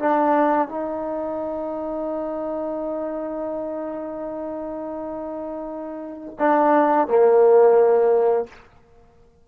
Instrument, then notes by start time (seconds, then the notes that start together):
trombone
0.00 D4
0.69 D#4
6.39 D4
7.08 A#3